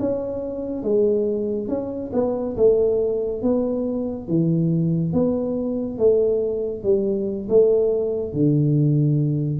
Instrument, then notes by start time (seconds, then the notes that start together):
tuba
0.00 C#4
0.83 G#3
1.68 C#4
2.14 B3
2.57 A3
3.42 B3
4.28 E3
5.14 B3
5.99 A3
6.84 G3
7.49 A3
8.33 D3